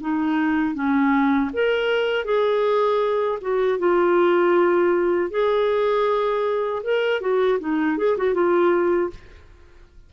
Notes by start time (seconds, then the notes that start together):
0.00 D#4
0.74 C#4
1.53 A#4
2.24 G#4
3.41 F#4
3.78 F4
5.30 G#4
6.83 A#4
7.20 F#4
7.59 D#4
7.97 G#4
8.17 F#4
8.34 F4